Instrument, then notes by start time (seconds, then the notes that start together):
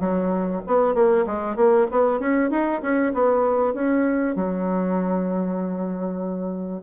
bassoon
0.00 F#3
0.67 B3
0.94 A#3
1.27 G#3
1.56 A#3
1.91 B3
2.20 C#4
2.51 D#4
2.82 C#4
3.14 B3
3.74 C#4
4.36 F#3